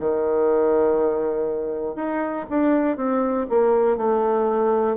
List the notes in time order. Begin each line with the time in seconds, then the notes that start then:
0.00 D#3
1.95 D#4
2.50 D4
2.96 C4
3.50 A#3
3.97 A3